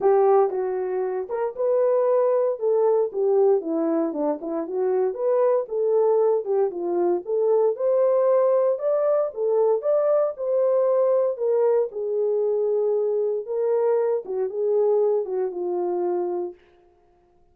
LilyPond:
\new Staff \with { instrumentName = "horn" } { \time 4/4 \tempo 4 = 116 g'4 fis'4. ais'8 b'4~ | b'4 a'4 g'4 e'4 | d'8 e'8 fis'4 b'4 a'4~ | a'8 g'8 f'4 a'4 c''4~ |
c''4 d''4 a'4 d''4 | c''2 ais'4 gis'4~ | gis'2 ais'4. fis'8 | gis'4. fis'8 f'2 | }